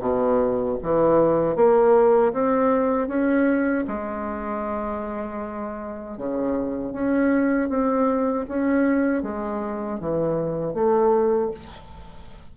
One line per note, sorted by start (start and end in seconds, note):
0.00 0.77 B2
0.82 1.55 E3
1.55 2.32 A#3
2.33 3.07 C4
3.07 3.84 C#4
3.87 6.17 G#3
6.17 6.92 C#3
6.92 7.69 C#4
7.69 8.45 C4
8.48 9.22 C#4
9.22 9.99 G#3
9.99 10.73 E3
10.73 11.50 A3